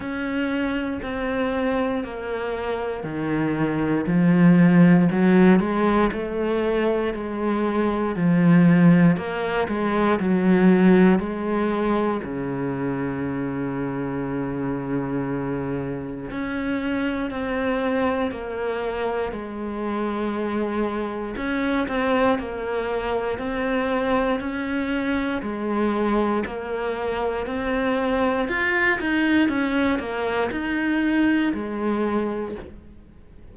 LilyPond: \new Staff \with { instrumentName = "cello" } { \time 4/4 \tempo 4 = 59 cis'4 c'4 ais4 dis4 | f4 fis8 gis8 a4 gis4 | f4 ais8 gis8 fis4 gis4 | cis1 |
cis'4 c'4 ais4 gis4~ | gis4 cis'8 c'8 ais4 c'4 | cis'4 gis4 ais4 c'4 | f'8 dis'8 cis'8 ais8 dis'4 gis4 | }